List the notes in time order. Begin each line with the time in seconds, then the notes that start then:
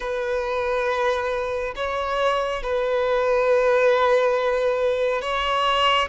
0.00 B4
1.75 C#5
2.62 B4
5.21 C#5